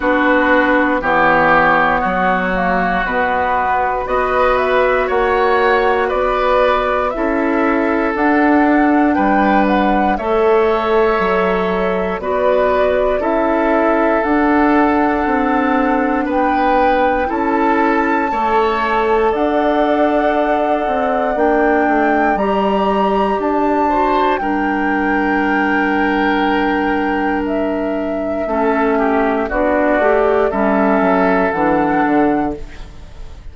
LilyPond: <<
  \new Staff \with { instrumentName = "flute" } { \time 4/4 \tempo 4 = 59 b'4 cis''2 b'4 | dis''8 e''8 fis''4 d''4 e''4 | fis''4 g''8 fis''8 e''2 | d''4 e''4 fis''2 |
g''4 a''2 fis''4~ | fis''4 g''4 ais''4 a''4 | g''2. e''4~ | e''4 d''4 e''4 fis''4 | }
  \new Staff \with { instrumentName = "oboe" } { \time 4/4 fis'4 g'4 fis'2 | b'4 cis''4 b'4 a'4~ | a'4 b'4 cis''2 | b'4 a'2. |
b'4 a'4 cis''4 d''4~ | d''2.~ d''8 c''8 | ais'1 | a'8 g'8 fis'4 a'2 | }
  \new Staff \with { instrumentName = "clarinet" } { \time 4/4 d'4 b4. ais8 b4 | fis'2. e'4 | d'2 a'2 | fis'4 e'4 d'2~ |
d'4 e'4 a'2~ | a'4 d'4 g'4. fis'8 | d'1 | cis'4 d'8 g'8 cis'4 d'4 | }
  \new Staff \with { instrumentName = "bassoon" } { \time 4/4 b4 e4 fis4 b,4 | b4 ais4 b4 cis'4 | d'4 g4 a4 fis4 | b4 cis'4 d'4 c'4 |
b4 cis'4 a4 d'4~ | d'8 c'8 ais8 a8 g4 d'4 | g1 | a4 b8 a8 g8 fis8 e8 d8 | }
>>